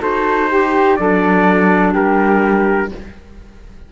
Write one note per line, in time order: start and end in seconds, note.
0.00 0.99 D#4
0.00 0.48 F#4
0.00 0.49 A4
0.00 0.96 C5
0.50 0.98 G4
0.50 0.97 G4
0.96 1.95 F#3
0.96 2.91 D4
0.96 1.92 A4
0.96 1.93 D5
1.92 2.91 G3
1.92 2.89 G4
1.92 2.92 A#4